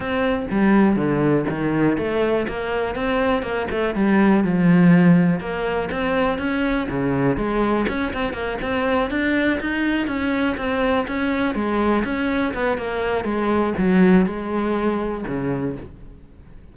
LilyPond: \new Staff \with { instrumentName = "cello" } { \time 4/4 \tempo 4 = 122 c'4 g4 d4 dis4 | a4 ais4 c'4 ais8 a8 | g4 f2 ais4 | c'4 cis'4 cis4 gis4 |
cis'8 c'8 ais8 c'4 d'4 dis'8~ | dis'8 cis'4 c'4 cis'4 gis8~ | gis8 cis'4 b8 ais4 gis4 | fis4 gis2 cis4 | }